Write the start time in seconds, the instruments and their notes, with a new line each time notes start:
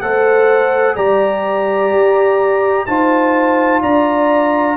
0.00 tuba A3, trombone A4, horn C5, trumpet F#5
0.96 tuba G3, trombone G4, horn D5, trumpet A#5
1.91 tuba G4
2.86 tuba D#4, trombone F4, horn C5, trumpet A5
3.81 tuba D4, horn D5, trumpet A#5